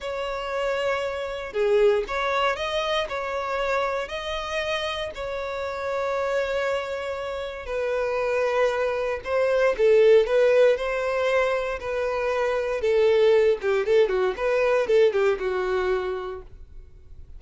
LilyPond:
\new Staff \with { instrumentName = "violin" } { \time 4/4 \tempo 4 = 117 cis''2. gis'4 | cis''4 dis''4 cis''2 | dis''2 cis''2~ | cis''2. b'4~ |
b'2 c''4 a'4 | b'4 c''2 b'4~ | b'4 a'4. g'8 a'8 fis'8 | b'4 a'8 g'8 fis'2 | }